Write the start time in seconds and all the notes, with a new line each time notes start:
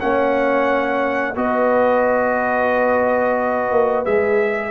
0.00 A#3 C#4 C#5 F#5
1.36 B3 F#4 B4 D#5
3.71 A#3
4.05 G#3 G#4 E5